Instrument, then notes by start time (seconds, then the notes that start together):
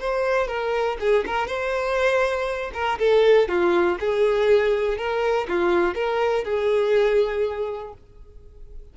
violin
0.00 C5
0.48 A#4
1.00 G#4
1.27 A#4
1.47 C5
2.74 A#4
2.99 A4
3.49 F4
4.00 G#4
4.98 A#4
5.48 F4
5.95 A#4
6.45 G#4